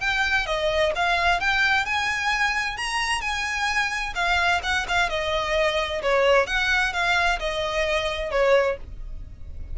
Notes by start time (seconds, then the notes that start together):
0.00 G5
0.46 D#5
0.95 F5
1.40 G5
1.85 G#5
2.77 A#5
3.21 G#5
4.15 F5
4.63 F#5
4.88 F5
5.09 D#5
6.02 C#5
6.47 F#5
6.93 F5
7.40 D#5
8.31 C#5